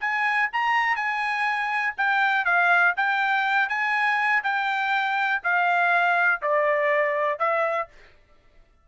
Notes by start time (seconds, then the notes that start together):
0.00 G#5
0.53 A#5
0.96 G#5
1.97 G5
2.45 F5
2.96 G5
3.69 G#5
4.43 G5
5.43 F5
6.42 D5
7.39 E5